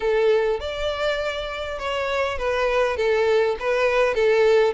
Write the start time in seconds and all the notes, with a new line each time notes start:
0.00 A4
0.59 D5
1.78 C#5
2.38 B4
2.96 A4
3.59 B4
4.14 A4